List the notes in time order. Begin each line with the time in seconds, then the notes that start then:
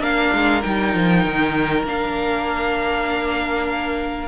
0.00 A#3 D4 A#4 F5
0.34 G#3
0.62 G3 D#4 G5
0.95 F3
1.25 D#3
1.85 A#3 D4 F5